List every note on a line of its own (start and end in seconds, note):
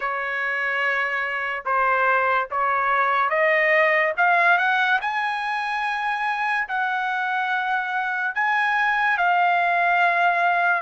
0.00 1.64 C#5
1.65 2.48 C5
2.50 3.29 C#5
3.29 4.12 D#5
4.17 4.58 F5
4.58 4.99 F#5
5.01 6.67 G#5
6.68 8.34 F#5
8.34 9.17 G#5
9.17 10.81 F5